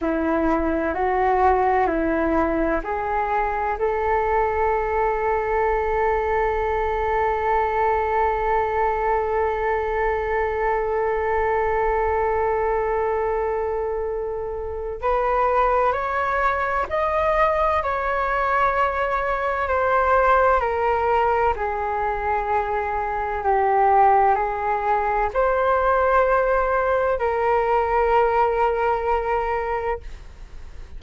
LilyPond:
\new Staff \with { instrumentName = "flute" } { \time 4/4 \tempo 4 = 64 e'4 fis'4 e'4 gis'4 | a'1~ | a'1~ | a'1 |
b'4 cis''4 dis''4 cis''4~ | cis''4 c''4 ais'4 gis'4~ | gis'4 g'4 gis'4 c''4~ | c''4 ais'2. | }